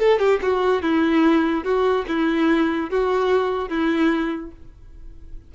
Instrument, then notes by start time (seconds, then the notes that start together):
violin
0.00 A4
0.20 G4
0.43 F#4
0.83 E4
1.65 F#4
2.08 E4
2.91 F#4
3.69 E4